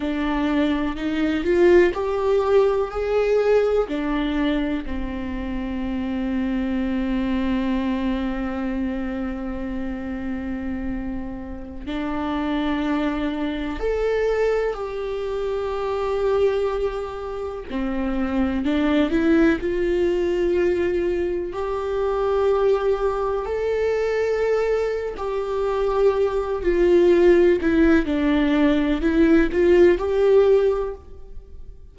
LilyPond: \new Staff \with { instrumentName = "viola" } { \time 4/4 \tempo 4 = 62 d'4 dis'8 f'8 g'4 gis'4 | d'4 c'2.~ | c'1~ | c'16 d'2 a'4 g'8.~ |
g'2~ g'16 c'4 d'8 e'16~ | e'16 f'2 g'4.~ g'16~ | g'16 a'4.~ a'16 g'4. f'8~ | f'8 e'8 d'4 e'8 f'8 g'4 | }